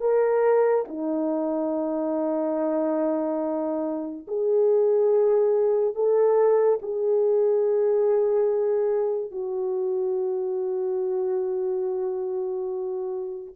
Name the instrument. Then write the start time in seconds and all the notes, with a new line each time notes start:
horn
0.00 A#4
0.88 D#4
4.28 G#4
5.95 A4
6.81 G#4
9.31 F#4